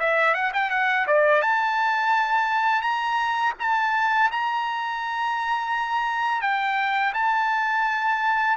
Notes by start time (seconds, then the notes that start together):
0.00 E5
0.34 F#5
0.54 G5
0.71 F#5
1.07 D5
1.42 A5
2.82 A#5
3.59 A5
4.32 A#5
6.42 G5
7.14 A5